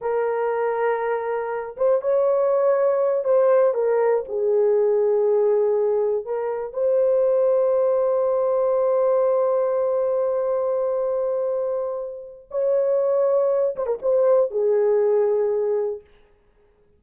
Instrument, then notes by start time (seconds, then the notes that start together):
horn
0.01 A#4
1.76 C5
2.01 C#5
3.24 C5
3.74 A#4
4.28 G#4
6.25 A#4
6.73 C5
12.50 C#5
13.75 C5
13.86 A#4
14.02 C5
14.50 G#4